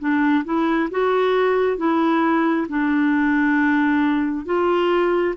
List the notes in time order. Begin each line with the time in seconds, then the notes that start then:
0.00 D4
0.45 E4
0.91 F#4
1.78 E4
2.69 D4
4.46 F4